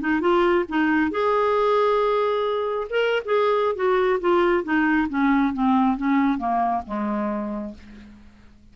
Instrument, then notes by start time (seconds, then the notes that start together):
clarinet
0.00 D#4
0.20 F4
0.68 D#4
1.11 G#4
2.89 A#4
3.24 G#4
3.75 F#4
4.20 F4
4.63 D#4
5.09 C#4
5.53 C4
5.97 C#4
6.38 A#3
6.86 G#3